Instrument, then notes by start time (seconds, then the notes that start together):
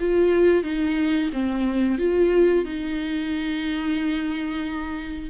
viola
0.00 F4
0.64 D#4
1.33 C4
1.98 F4
2.65 D#4